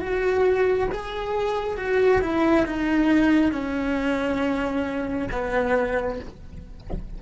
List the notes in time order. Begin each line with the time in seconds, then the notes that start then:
0.00 F#4
0.91 G#4
1.77 F#4
2.21 E4
2.66 D#4
3.52 C#4
5.31 B3